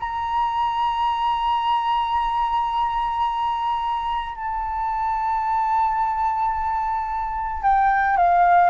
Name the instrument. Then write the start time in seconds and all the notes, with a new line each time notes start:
flute
0.00 A#5
4.36 A5
7.63 G5
8.17 F5